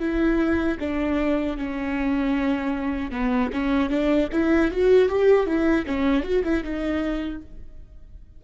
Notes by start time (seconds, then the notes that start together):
0.00 E4
0.80 D4
1.58 C#4
3.12 B3
3.53 C#4
3.90 D4
4.33 E4
4.72 F#4
5.09 G4
5.47 E4
5.87 C#4
6.23 F#4
6.45 E4
6.64 D#4